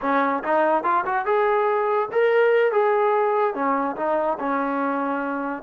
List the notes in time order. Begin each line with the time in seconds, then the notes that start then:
0.01 C#4
0.43 D#4
0.83 F4
1.05 F#4
1.25 G#4
2.12 A#4
2.72 G#4
3.54 C#4
3.96 D#4
4.39 C#4